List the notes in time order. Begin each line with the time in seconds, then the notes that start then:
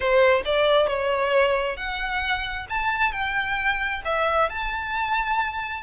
0.00 C5
0.45 D5
0.87 C#5
1.76 F#5
2.69 A5
3.11 G5
4.04 E5
4.49 A5